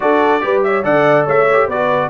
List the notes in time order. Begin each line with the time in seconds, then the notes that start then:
0.00 D4 F#4 A4 D5
0.40 G3 G4 B4
0.63 C#5 E5
0.83 D3 A4 D5 F#5
1.26 A3 C#5 E5
1.52 G4
1.66 B3 F#4 B4 D5